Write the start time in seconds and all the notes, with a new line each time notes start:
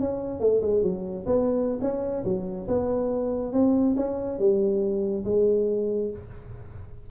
0.00 C#4
0.40 A3
0.62 G#3
0.83 F#3
1.26 B3
1.81 C#4
2.24 F#3
2.68 B3
3.53 C4
3.96 C#4
4.39 G3
5.25 G#3